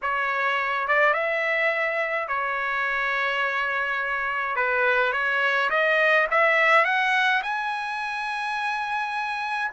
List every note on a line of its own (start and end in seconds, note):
0.02 0.87 C#5
0.87 1.13 D5
1.13 2.28 E5
2.28 4.56 C#5
4.56 5.12 B4
5.12 5.69 C#5
5.70 6.27 D#5
6.30 6.84 E5
6.84 7.42 F#5
7.42 9.71 G#5